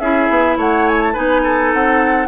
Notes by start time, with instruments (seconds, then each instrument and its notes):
0.00 bassoon C#4, clarinet E4, oboe G#4, flute E5
0.30 bassoon B3
0.57 bassoon A3, oboe C#5, flute F#5
0.89 flute G#5
1.03 flute A5
1.13 bassoon B3, clarinet D#4, oboe B4, flute G#5
1.43 oboe A4
1.73 bassoon C4, flute F#5